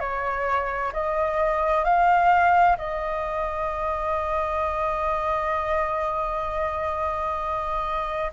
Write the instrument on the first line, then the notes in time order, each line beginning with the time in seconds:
flute
0.00 C#5
0.93 D#5
1.84 F5
2.78 D#5